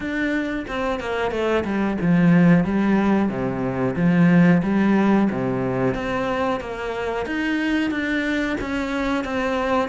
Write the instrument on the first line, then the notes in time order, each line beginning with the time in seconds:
cello
0.00 D4
0.67 C4
1.00 A#3
1.31 A3
1.64 G3
2.01 F3
2.64 G3
3.29 C3
3.96 F3
4.62 G3
5.30 C3
5.94 C4
6.60 A#3
7.25 D#4
7.90 D4
8.60 C#4
9.24 C4